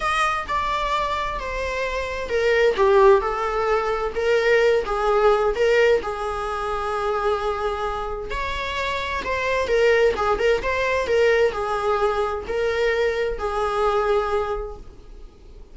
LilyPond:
\new Staff \with { instrumentName = "viola" } { \time 4/4 \tempo 4 = 130 dis''4 d''2 c''4~ | c''4 ais'4 g'4 a'4~ | a'4 ais'4. gis'4. | ais'4 gis'2.~ |
gis'2 cis''2 | c''4 ais'4 gis'8 ais'8 c''4 | ais'4 gis'2 ais'4~ | ais'4 gis'2. | }